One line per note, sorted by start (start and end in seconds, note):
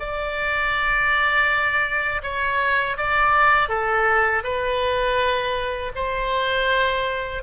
0.00 2.22 D5
2.23 2.97 C#5
2.98 3.69 D5
3.69 4.43 A4
4.44 5.92 B4
5.96 7.43 C5